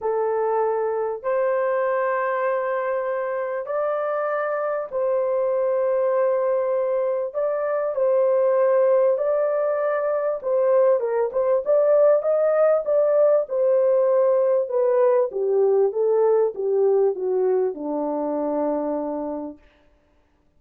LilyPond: \new Staff \with { instrumentName = "horn" } { \time 4/4 \tempo 4 = 98 a'2 c''2~ | c''2 d''2 | c''1 | d''4 c''2 d''4~ |
d''4 c''4 ais'8 c''8 d''4 | dis''4 d''4 c''2 | b'4 g'4 a'4 g'4 | fis'4 d'2. | }